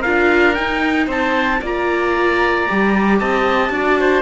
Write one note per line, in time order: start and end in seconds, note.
0.00 0.54 F4
0.00 1.05 A#4
0.00 0.54 F5
0.06 0.58 D4
0.54 1.59 D#4
0.54 1.07 D#4
0.54 1.06 G5
1.07 1.60 C4
1.07 1.59 C5
1.07 1.63 A5
1.60 2.66 A#3
1.60 2.68 F4
1.60 3.18 D5
1.60 3.19 A#5
2.68 3.21 G3
2.68 3.71 G4
3.19 3.70 C4
3.19 3.71 D#5
3.19 4.22 A5
3.70 4.22 D4
3.70 4.22 F#4
3.70 3.99 D5
3.99 4.22 C5